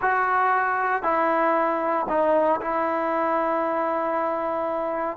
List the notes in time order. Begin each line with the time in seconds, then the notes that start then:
0.01 F#4
1.02 E4
2.08 D#4
2.61 E4